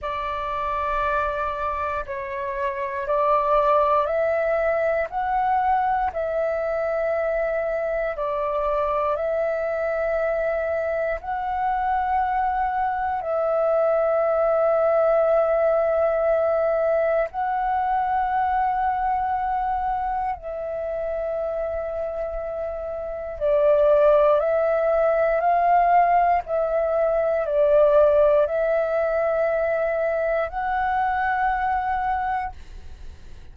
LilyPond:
\new Staff \with { instrumentName = "flute" } { \time 4/4 \tempo 4 = 59 d''2 cis''4 d''4 | e''4 fis''4 e''2 | d''4 e''2 fis''4~ | fis''4 e''2.~ |
e''4 fis''2. | e''2. d''4 | e''4 f''4 e''4 d''4 | e''2 fis''2 | }